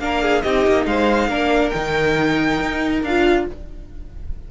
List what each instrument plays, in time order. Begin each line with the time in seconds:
0.00 cello A#3, viola D4, violin A#4 F5
0.22 violin G#4
0.42 cello C4, viola D#4, violin G4 D#5
0.68 cello A#3
0.86 cello G#3, violin C5 F5
1.29 cello A#3, viola D4, violin A#4
1.70 cello D#3, viola D#4, violin G5
2.61 cello D#4
3.03 cello D4, viola F4, violin F5